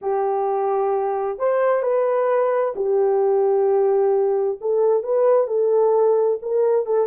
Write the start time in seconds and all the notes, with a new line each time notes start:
0.01 G4
1.38 C5
1.82 B4
2.75 G4
4.61 A4
5.03 B4
5.47 A4
6.41 A#4
6.86 A4